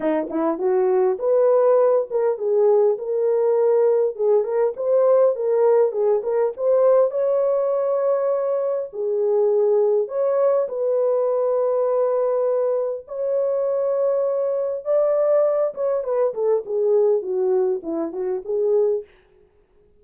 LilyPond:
\new Staff \with { instrumentName = "horn" } { \time 4/4 \tempo 4 = 101 dis'8 e'8 fis'4 b'4. ais'8 | gis'4 ais'2 gis'8 ais'8 | c''4 ais'4 gis'8 ais'8 c''4 | cis''2. gis'4~ |
gis'4 cis''4 b'2~ | b'2 cis''2~ | cis''4 d''4. cis''8 b'8 a'8 | gis'4 fis'4 e'8 fis'8 gis'4 | }